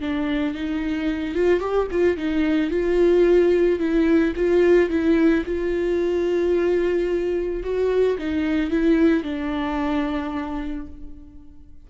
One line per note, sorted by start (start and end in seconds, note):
0.00 0.54 D4
0.54 1.34 D#4
1.34 1.59 F4
1.59 1.87 G4
1.91 2.16 F4
2.16 2.70 D#4
2.70 3.79 F4
3.79 4.33 E4
4.35 4.89 F4
4.89 5.44 E4
5.45 7.63 F4
7.63 8.17 F#4
8.18 8.70 D#4
8.70 9.23 E4
9.23 10.86 D4